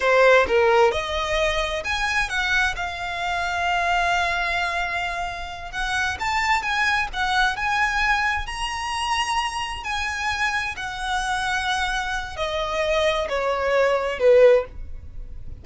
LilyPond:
\new Staff \with { instrumentName = "violin" } { \time 4/4 \tempo 4 = 131 c''4 ais'4 dis''2 | gis''4 fis''4 f''2~ | f''1~ | f''8 fis''4 a''4 gis''4 fis''8~ |
fis''8 gis''2 ais''4.~ | ais''4. gis''2 fis''8~ | fis''2. dis''4~ | dis''4 cis''2 b'4 | }